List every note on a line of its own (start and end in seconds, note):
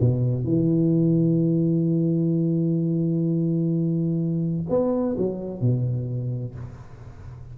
0.00 0.44 B2
0.44 4.66 E3
4.69 5.16 B3
5.17 5.61 F#3
5.61 6.55 B2